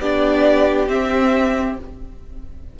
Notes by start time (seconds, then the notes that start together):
0.00 B3 D4 G4 D5
0.87 C4 E5